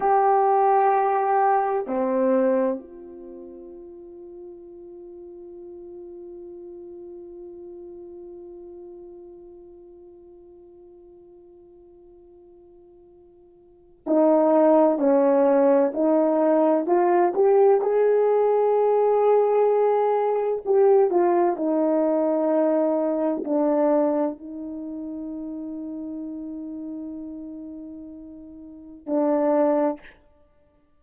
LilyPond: \new Staff \with { instrumentName = "horn" } { \time 4/4 \tempo 4 = 64 g'2 c'4 f'4~ | f'1~ | f'1~ | f'2. dis'4 |
cis'4 dis'4 f'8 g'8 gis'4~ | gis'2 g'8 f'8 dis'4~ | dis'4 d'4 dis'2~ | dis'2. d'4 | }